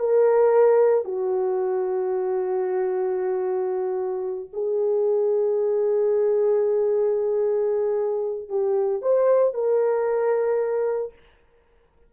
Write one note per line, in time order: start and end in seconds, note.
0.00 1.05 A#4
1.05 4.50 F#4
4.54 8.49 G#4
8.49 9.02 G4
9.02 9.54 C5
9.54 11.14 A#4